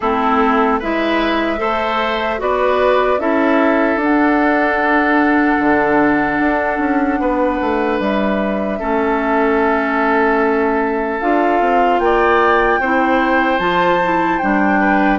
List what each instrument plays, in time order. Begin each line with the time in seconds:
0.00 bassoon A3, clarinet C4, oboe E4, flute A4
0.79 bassoon G#3, clarinet E4, oboe B4, flute E5
1.57 bassoon A3, clarinet A4, oboe C5
2.38 bassoon B3, clarinet F#4, oboe B4, flute D5
3.18 bassoon C#4, clarinet E4, oboe A4, flute E5
3.96 bassoon D4
4.02 clarinet D4, flute F#5
5.59 bassoon D3
6.39 bassoon D4
6.79 bassoon C#4
7.19 bassoon B3, oboe B4
7.61 bassoon A3
7.99 bassoon G3, flute E5
8.79 bassoon A3, clarinet C#4, oboe A4
11.20 bassoon D4, clarinet F4, flute F5
11.61 bassoon C4
11.99 bassoon A#3, oboe D5, flute G5
12.79 bassoon C4, clarinet E4, oboe C5
13.58 bassoon F3, clarinet F4, flute A5
14.03 clarinet E4
14.38 bassoon G3, clarinet D4, flute G5
14.80 oboe B4